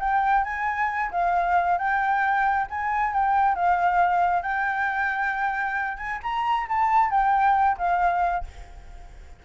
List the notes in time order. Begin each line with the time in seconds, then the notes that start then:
0.00 G5
0.44 G#5
1.12 F5
1.78 G5
2.70 G#5
3.14 G5
3.56 F5
4.43 G5
5.98 G#5
6.23 A#5
6.69 A5
7.11 G5
7.78 F5